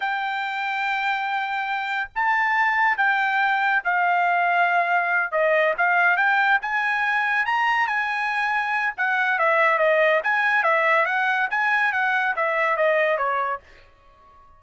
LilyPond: \new Staff \with { instrumentName = "trumpet" } { \time 4/4 \tempo 4 = 141 g''1~ | g''4 a''2 g''4~ | g''4 f''2.~ | f''8 dis''4 f''4 g''4 gis''8~ |
gis''4. ais''4 gis''4.~ | gis''4 fis''4 e''4 dis''4 | gis''4 e''4 fis''4 gis''4 | fis''4 e''4 dis''4 cis''4 | }